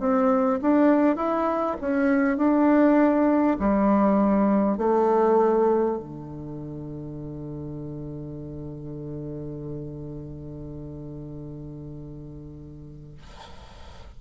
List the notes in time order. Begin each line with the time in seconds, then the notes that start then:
0.00 C4
0.62 D4
1.17 E4
1.81 C#4
2.38 D4
3.59 G3
4.78 A3
5.98 D3